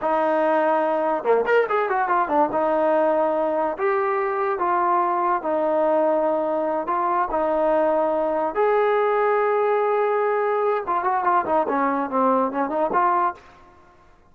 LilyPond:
\new Staff \with { instrumentName = "trombone" } { \time 4/4 \tempo 4 = 144 dis'2. ais8 ais'8 | gis'8 fis'8 f'8 d'8 dis'2~ | dis'4 g'2 f'4~ | f'4 dis'2.~ |
dis'8 f'4 dis'2~ dis'8~ | dis'8 gis'2.~ gis'8~ | gis'2 f'8 fis'8 f'8 dis'8 | cis'4 c'4 cis'8 dis'8 f'4 | }